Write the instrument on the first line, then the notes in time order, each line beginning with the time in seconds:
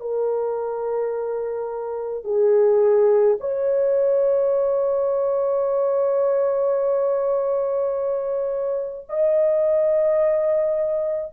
horn
0.00 A#4
2.24 G#4
3.40 C#5
9.09 D#5